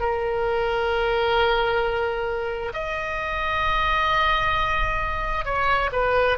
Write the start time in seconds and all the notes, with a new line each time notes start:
0.00 A#4
2.74 D#5
5.45 C#5
5.92 B4